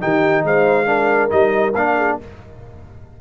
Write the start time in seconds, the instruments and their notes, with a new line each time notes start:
0.00 tuba D#3, trombone D#4, horn G4, trumpet G5
0.44 tuba G#3, horn C5, trumpet F5
0.86 trombone D4, horn A#4
1.29 tuba G3, trombone D#4, trumpet D#5
1.74 tuba A#3, trombone D4, trumpet F5
1.96 horn G#4